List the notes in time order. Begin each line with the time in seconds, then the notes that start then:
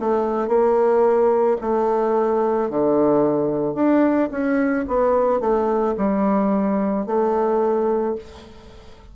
0.00 A3
0.48 A#3
1.61 A3
2.70 D3
3.75 D4
4.31 C#4
4.88 B3
5.40 A3
5.97 G3
7.06 A3